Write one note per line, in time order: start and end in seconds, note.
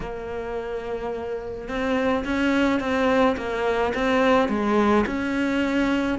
0.00 1.68 A#3
1.68 2.24 C4
2.24 2.80 C#4
2.80 3.36 C4
3.36 3.93 A#3
3.94 4.49 C4
4.49 5.05 G#3
5.06 6.18 C#4